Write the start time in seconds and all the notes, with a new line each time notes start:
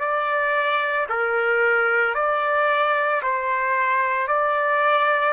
0.00 D5
1.10 A#4
2.15 D5
3.23 C5
4.28 D5